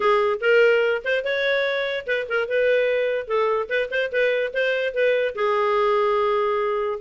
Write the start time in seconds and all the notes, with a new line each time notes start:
0.00 G#4
0.40 A#4
1.04 C5
1.24 C#5
2.06 B4
2.28 A#4
2.48 B4
3.27 A4
3.69 B4
3.90 C5
4.12 B4
4.53 C5
4.93 B4
5.35 G#4